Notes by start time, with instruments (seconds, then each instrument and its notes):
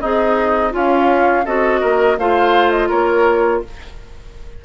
0.00 bassoon C4, oboe D#4, clarinet G#4, flute D#5
0.71 oboe C#4, bassoon C#4, clarinet F4, flute F5
1.45 bassoon C4, clarinet F#4, oboe A4, flute D#5
1.80 bassoon A#3, oboe A#4
2.18 bassoon A3, clarinet F4, oboe C5, flute F5
2.70 flute D#5
2.88 bassoon A#3, oboe A#4, flute C#5